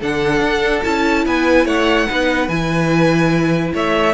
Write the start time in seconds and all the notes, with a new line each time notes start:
0.00 D3 D4 A4 F#5
0.41 D4
0.84 C#4 E4 A5
1.26 B3 B4 G#5
1.66 A3 C#5 F#5
2.08 B3 D#4 B4
2.48 E3 E4 G#5
3.74 A3 C#5 E5